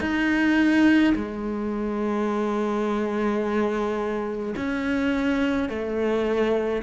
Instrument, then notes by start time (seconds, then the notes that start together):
cello
0.00 D#4
1.15 G#3
4.56 C#4
5.69 A3